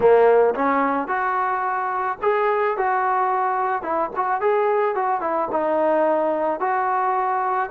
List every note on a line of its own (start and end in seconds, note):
0.00 0.54 A#3
0.54 1.07 C#4
1.07 2.17 F#4
2.22 2.77 G#4
2.77 3.82 F#4
3.82 4.10 E4
4.16 4.41 F#4
4.41 4.95 G#4
4.95 5.20 F#4
5.20 5.48 E4
5.51 6.59 D#4
6.59 7.69 F#4